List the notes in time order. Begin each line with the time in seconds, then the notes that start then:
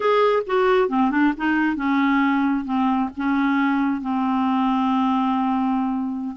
0.00 G#4
0.46 F#4
0.88 C4
1.10 D4
1.37 D#4
1.75 C#4
2.65 C4
3.16 C#4
4.01 C4